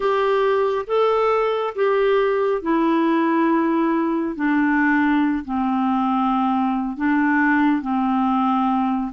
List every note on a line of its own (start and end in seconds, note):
0.00 0.85 G4
0.87 1.74 A4
1.75 2.62 G4
2.62 4.35 E4
4.35 5.44 D4
5.45 6.96 C4
6.96 7.81 D4
7.81 9.12 C4